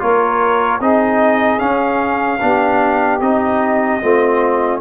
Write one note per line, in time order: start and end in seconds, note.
0.00 0.80 A#3
0.00 0.80 F4
0.00 0.80 A#4
0.00 0.81 C#5
0.80 1.60 C4
0.80 1.60 D#4
0.80 2.40 G#4
0.80 1.60 D#5
1.60 2.40 C#4
1.60 2.42 C#4
1.60 3.20 F5
2.41 3.21 B3
2.41 3.21 D4
2.41 4.00 G4
3.21 4.01 C4
3.21 4.02 D#4
3.21 4.81 D#5
4.00 4.81 A3
4.00 4.81 C4
4.00 4.81 F4